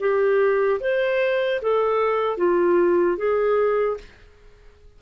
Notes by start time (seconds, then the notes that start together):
0.00 G4
0.80 C5
1.62 A4
2.37 F4
3.18 G#4